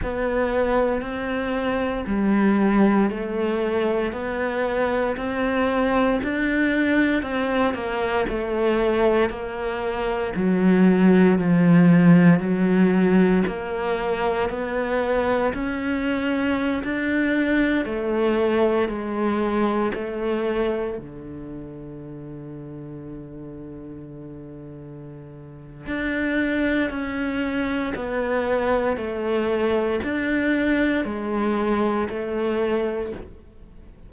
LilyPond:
\new Staff \with { instrumentName = "cello" } { \time 4/4 \tempo 4 = 58 b4 c'4 g4 a4 | b4 c'4 d'4 c'8 ais8 | a4 ais4 fis4 f4 | fis4 ais4 b4 cis'4~ |
cis'16 d'4 a4 gis4 a8.~ | a16 d2.~ d8.~ | d4 d'4 cis'4 b4 | a4 d'4 gis4 a4 | }